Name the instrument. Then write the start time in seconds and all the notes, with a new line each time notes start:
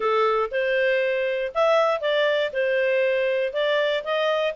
clarinet
0.00 A4
0.51 C5
1.54 E5
2.00 D5
2.52 C5
3.53 D5
4.04 D#5